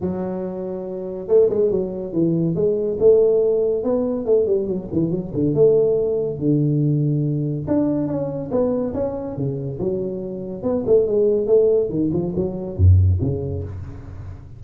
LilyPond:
\new Staff \with { instrumentName = "tuba" } { \time 4/4 \tempo 4 = 141 fis2. a8 gis8 | fis4 e4 gis4 a4~ | a4 b4 a8 g8 fis8 e8 | fis8 d8 a2 d4~ |
d2 d'4 cis'4 | b4 cis'4 cis4 fis4~ | fis4 b8 a8 gis4 a4 | dis8 f8 fis4 fis,4 cis4 | }